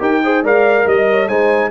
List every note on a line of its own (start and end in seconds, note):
0.00 0.43 D#4
0.00 0.21 G4
0.00 0.22 A#4
0.00 0.45 G5
0.24 0.45 G#4
0.24 0.44 C5
0.43 0.85 G#3
0.43 1.29 A#4
0.43 0.85 D5
0.43 0.88 F5
0.85 1.28 G3
0.85 1.06 D#5
0.85 1.28 D#5
1.11 1.28 C#5
1.28 1.71 G#3
1.28 1.71 D#4
1.28 1.71 C5
1.28 1.71 G#5